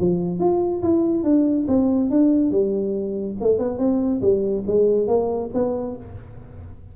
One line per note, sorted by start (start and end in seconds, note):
0.00 0.40 F3
0.40 0.82 F4
0.83 1.24 E4
1.24 1.67 D4
1.68 2.10 C4
2.10 2.51 D4
2.51 3.36 G3
3.41 3.59 A3
3.59 3.79 B3
3.79 4.21 C4
4.22 4.64 G3
4.67 5.08 G#3
5.08 5.50 A#3
5.54 5.97 B3